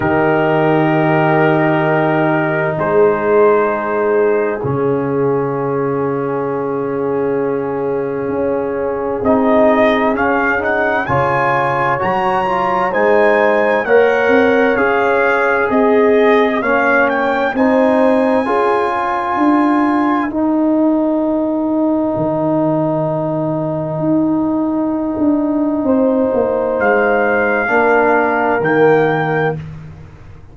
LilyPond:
<<
  \new Staff \with { instrumentName = "trumpet" } { \time 4/4 \tempo 4 = 65 ais'2. c''4~ | c''4 f''2.~ | f''2 dis''4 f''8 fis''8 | gis''4 ais''4 gis''4 fis''4 |
f''4 dis''4 f''8 g''8 gis''4~ | gis''2 g''2~ | g''1~ | g''4 f''2 g''4 | }
  \new Staff \with { instrumentName = "horn" } { \time 4/4 g'2. gis'4~ | gis'1~ | gis'1 | cis''2 c''4 cis''4~ |
cis''4 gis'4 cis''4 c''4 | gis'8 ais'2.~ ais'8~ | ais'1 | c''2 ais'2 | }
  \new Staff \with { instrumentName = "trombone" } { \time 4/4 dis'1~ | dis'4 cis'2.~ | cis'2 dis'4 cis'8 dis'8 | f'4 fis'8 f'8 dis'4 ais'4 |
gis'2 cis'4 dis'4 | f'2 dis'2~ | dis'1~ | dis'2 d'4 ais4 | }
  \new Staff \with { instrumentName = "tuba" } { \time 4/4 dis2. gis4~ | gis4 cis2.~ | cis4 cis'4 c'4 cis'4 | cis4 fis4 gis4 ais8 c'8 |
cis'4 c'4 ais4 c'4 | cis'4 d'4 dis'2 | dis2 dis'4~ dis'16 d'8. | c'8 ais8 gis4 ais4 dis4 | }
>>